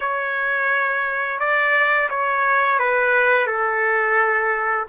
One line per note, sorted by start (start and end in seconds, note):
0.00 1.39 C#5
1.39 2.09 D5
2.09 2.79 C#5
2.79 3.47 B4
3.47 4.86 A4